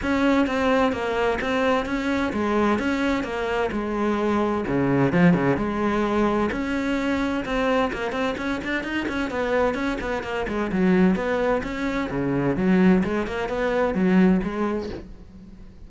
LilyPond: \new Staff \with { instrumentName = "cello" } { \time 4/4 \tempo 4 = 129 cis'4 c'4 ais4 c'4 | cis'4 gis4 cis'4 ais4 | gis2 cis4 f8 cis8 | gis2 cis'2 |
c'4 ais8 c'8 cis'8 d'8 dis'8 cis'8 | b4 cis'8 b8 ais8 gis8 fis4 | b4 cis'4 cis4 fis4 | gis8 ais8 b4 fis4 gis4 | }